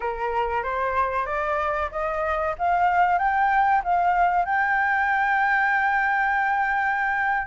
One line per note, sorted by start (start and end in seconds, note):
0.00 0.63 A#4
0.63 1.26 C5
1.26 1.89 D5
1.91 2.55 D#5
2.58 3.18 F5
3.18 3.82 G5
3.84 4.45 F5
4.45 7.47 G5